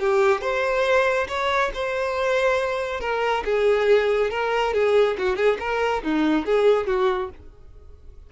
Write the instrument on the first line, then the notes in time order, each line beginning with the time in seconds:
violin
0.00 G4
0.41 C5
1.29 C#5
1.74 C5
3.01 A#4
3.45 G#4
4.31 A#4
4.74 G#4
5.18 F#4
5.37 G#4
5.60 A#4
6.04 D#4
6.46 G#4
6.87 F#4